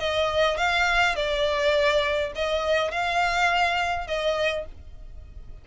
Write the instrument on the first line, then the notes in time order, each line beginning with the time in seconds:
violin
0.00 D#5
0.57 F5
1.16 D5
2.35 D#5
2.92 F5
4.07 D#5